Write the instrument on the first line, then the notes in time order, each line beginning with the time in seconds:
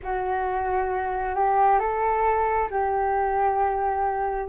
flute
0.02 F#4
1.35 G4
1.79 A4
2.70 G4